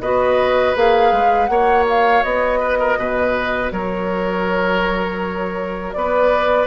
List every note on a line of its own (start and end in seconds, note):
0.00 0.74 B3
0.00 0.75 F#4
0.00 1.50 B4
0.00 0.75 D#5
0.75 1.12 A#3
0.75 1.49 G#4
0.75 1.46 F5
1.12 1.49 G#3
1.46 2.23 A#3
1.46 6.66 F#4
1.46 2.59 C#5
1.46 1.83 F#5
1.88 2.23 F5
2.23 2.97 B3
2.23 3.71 D#5
2.59 2.78 B4
2.79 2.98 A#4
2.97 3.71 B2
2.97 3.72 B4
3.71 5.93 F#3
3.71 5.94 A#4
3.71 5.92 C#5
5.92 6.66 B3
5.92 6.66 B4
5.92 6.66 D5